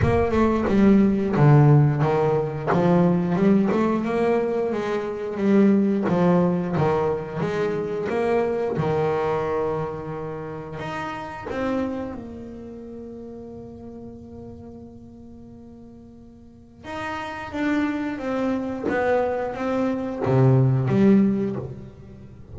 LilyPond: \new Staff \with { instrumentName = "double bass" } { \time 4/4 \tempo 4 = 89 ais8 a8 g4 d4 dis4 | f4 g8 a8 ais4 gis4 | g4 f4 dis4 gis4 | ais4 dis2. |
dis'4 c'4 ais2~ | ais1~ | ais4 dis'4 d'4 c'4 | b4 c'4 c4 g4 | }